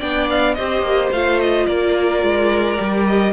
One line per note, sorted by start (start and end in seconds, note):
0.00 0.58 B3
0.00 0.57 D4
0.00 0.56 D5
0.00 0.28 G5
0.30 0.55 F5
0.55 0.82 C4
0.55 1.13 G4
0.55 1.68 C5
0.55 1.10 D#5
0.82 1.10 A#3
1.12 1.68 A3
1.12 2.77 F4
1.12 1.40 F5
1.40 1.67 D#5
1.67 2.23 A#3
1.67 3.34 A#4
1.67 3.06 D5
2.23 2.79 G#3
2.77 3.34 G3
2.77 3.33 G4
3.07 3.34 D#5